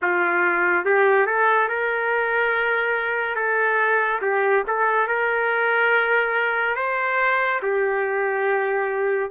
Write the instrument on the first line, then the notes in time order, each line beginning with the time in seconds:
trumpet
0.02 F4
0.85 G4
1.26 A4
1.68 A#4
3.35 A4
4.21 G4
4.67 A4
5.07 A#4
6.75 C5
7.62 G4